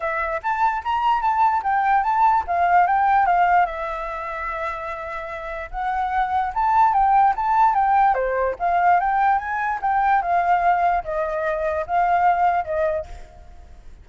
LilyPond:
\new Staff \with { instrumentName = "flute" } { \time 4/4 \tempo 4 = 147 e''4 a''4 ais''4 a''4 | g''4 a''4 f''4 g''4 | f''4 e''2.~ | e''2 fis''2 |
a''4 g''4 a''4 g''4 | c''4 f''4 g''4 gis''4 | g''4 f''2 dis''4~ | dis''4 f''2 dis''4 | }